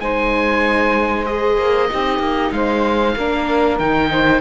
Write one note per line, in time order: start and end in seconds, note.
0.00 1.58 G#3
0.00 1.26 D#4
0.00 1.89 C5
0.00 1.26 G#5
1.26 1.89 G#4
1.26 2.52 D#5
1.58 1.89 A#3
1.89 2.19 C4
1.89 3.16 D#4
1.89 2.52 G4
2.19 2.50 A#3
2.52 3.15 G#3
2.52 3.16 C5
2.52 3.78 F5
3.16 3.79 A#3
3.16 3.81 D4
3.16 4.10 A#4
3.79 4.41 D#3
3.79 4.41 D#4
3.79 4.41 G5
4.11 4.41 C5